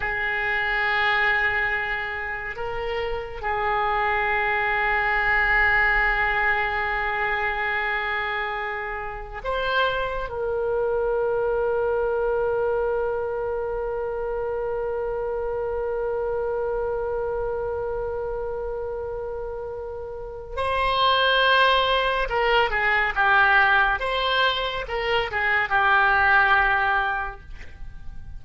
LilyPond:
\new Staff \with { instrumentName = "oboe" } { \time 4/4 \tempo 4 = 70 gis'2. ais'4 | gis'1~ | gis'2. c''4 | ais'1~ |
ais'1~ | ais'1 | c''2 ais'8 gis'8 g'4 | c''4 ais'8 gis'8 g'2 | }